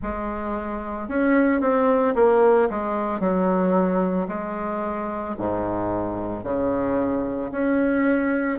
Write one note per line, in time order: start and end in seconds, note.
0.02 1.08 G#3
1.08 1.60 C#4
1.60 2.14 C4
2.15 2.68 A#3
2.70 3.19 G#3
3.19 4.27 F#3
4.28 5.35 G#3
5.38 6.43 G#2
6.43 7.50 C#3
7.51 8.58 C#4